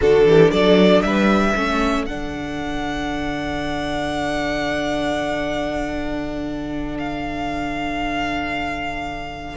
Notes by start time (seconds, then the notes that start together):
0.00 D3 D4 F#4 A4
0.24 E3 G4
0.51 F#3 A4 D5
1.02 G3 B4 E5
1.55 A3 C#4 A4
2.05 D3 D4 F#5
6.98 F5